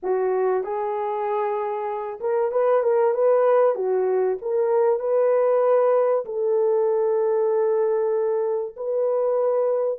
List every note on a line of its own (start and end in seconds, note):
0.02 0.63 F#4
0.63 2.19 G#4
2.20 2.51 A#4
2.51 2.82 B4
2.82 3.14 A#4
3.14 3.75 B4
3.75 4.37 F#4
4.41 4.99 A#4
4.99 6.24 B4
6.25 8.75 A4
8.76 9.99 B4